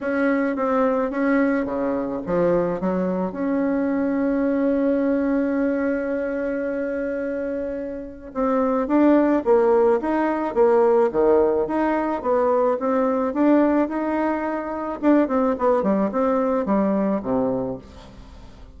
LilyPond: \new Staff \with { instrumentName = "bassoon" } { \time 4/4 \tempo 4 = 108 cis'4 c'4 cis'4 cis4 | f4 fis4 cis'2~ | cis'1~ | cis'2. c'4 |
d'4 ais4 dis'4 ais4 | dis4 dis'4 b4 c'4 | d'4 dis'2 d'8 c'8 | b8 g8 c'4 g4 c4 | }